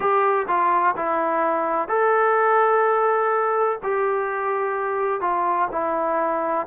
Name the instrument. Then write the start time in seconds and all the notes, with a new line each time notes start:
trombone
0.00 G4
0.47 F4
0.96 E4
1.88 A4
3.83 G4
5.20 F4
5.71 E4